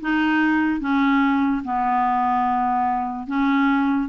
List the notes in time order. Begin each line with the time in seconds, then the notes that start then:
0.00 D#4
0.80 C#4
1.64 B3
3.27 C#4